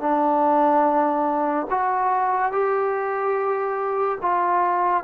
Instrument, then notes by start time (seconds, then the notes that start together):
trombone
0.00 D4
1.70 F#4
2.52 G4
4.21 F4